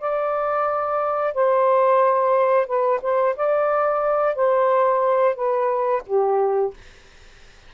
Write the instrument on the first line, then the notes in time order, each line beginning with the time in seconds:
saxophone
0.00 D5
1.35 C5
2.67 B4
3.02 C5
3.36 D5
4.35 C5
5.35 B4
6.07 G4